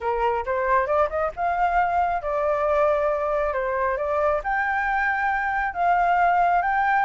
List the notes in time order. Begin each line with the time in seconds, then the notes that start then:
0.00 A#4
0.45 C5
0.86 D5
1.09 D#5
1.36 F5
2.22 D5
3.53 C5
3.97 D5
4.43 G5
5.74 F5
6.62 G5